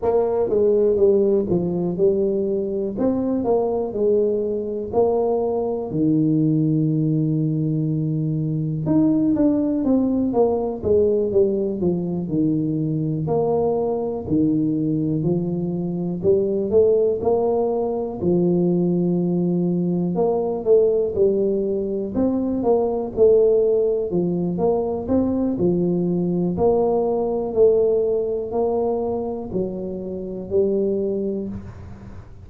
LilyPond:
\new Staff \with { instrumentName = "tuba" } { \time 4/4 \tempo 4 = 61 ais8 gis8 g8 f8 g4 c'8 ais8 | gis4 ais4 dis2~ | dis4 dis'8 d'8 c'8 ais8 gis8 g8 | f8 dis4 ais4 dis4 f8~ |
f8 g8 a8 ais4 f4.~ | f8 ais8 a8 g4 c'8 ais8 a8~ | a8 f8 ais8 c'8 f4 ais4 | a4 ais4 fis4 g4 | }